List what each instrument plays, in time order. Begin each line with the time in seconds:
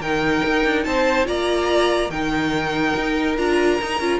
0.00 cello D#3, viola D#4, violin A#4 G5
0.46 cello D#4
0.65 cello D4
0.84 cello C4, violin C5 A5
1.25 cello A#3, viola F4, violin D5 A#5
2.10 cello D#3, viola D#4, violin A#4 G5
2.97 cello D#4
3.38 cello D4, viola F4, violin A#5
3.82 cello D#4, viola D#4
3.99 cello C#4, viola F4